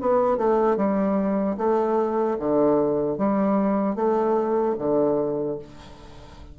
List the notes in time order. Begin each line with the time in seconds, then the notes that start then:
0.00 B3
0.37 A3
0.76 G3
1.57 A3
2.39 D3
3.17 G3
3.95 A3
4.79 D3